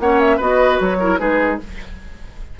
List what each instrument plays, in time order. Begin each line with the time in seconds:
0.00 bassoon A#3, clarinet C#4, oboe C#5, flute F#5
0.20 flute E5
0.37 bassoon B3, clarinet F#4, oboe B4, flute D#5
0.81 bassoon F#3, flute C#5
1.00 clarinet E4, oboe A#4
1.19 bassoon G#3, clarinet D#4, oboe G#4, flute B4